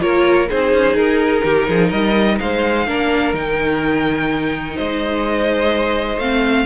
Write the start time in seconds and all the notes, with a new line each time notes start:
0.00 A#3 F4 A#4 C#5
0.50 C4 D#4 G#4 C5
0.73 C#4
0.94 D#4 A#4
1.44 D#3 G4
1.69 F3 G#4
1.88 G3 A#4 D#5
2.39 G#3 C5 F5
2.87 A#3 D4 A#4
3.34 D#3 D#4 G5
4.76 G#3 C5 D#5
6.18 A3 C4 F5